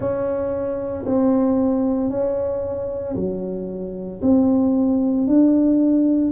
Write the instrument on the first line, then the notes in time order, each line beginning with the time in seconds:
tuba
0.00 C#4
1.05 C4
2.10 C#4
3.15 F#3
4.22 C4
5.27 D4